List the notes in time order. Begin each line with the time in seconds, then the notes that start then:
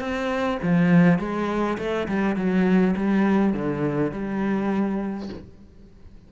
0.00 C4
0.63 F3
1.19 G#3
1.79 A3
2.09 G3
2.37 F#3
2.97 G3
3.53 D3
4.12 G3